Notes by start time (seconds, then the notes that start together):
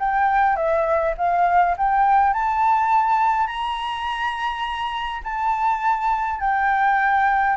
0.00 G5
0.56 E5
1.18 F5
1.78 G5
2.34 A5
3.47 A#5
5.24 A5
6.41 G5